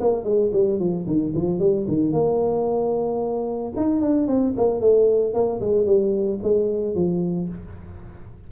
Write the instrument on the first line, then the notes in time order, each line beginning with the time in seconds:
tuba
0.00 A#3
0.24 G#3
0.52 G3
0.79 F3
1.06 D#3
1.35 F3
1.59 G3
1.88 D#3
2.12 A#3
3.76 D#4
4.01 D4
4.27 C4
4.57 A#3
4.80 A3
5.34 A#3
5.61 G#3
5.86 G3
6.43 G#3
6.95 F3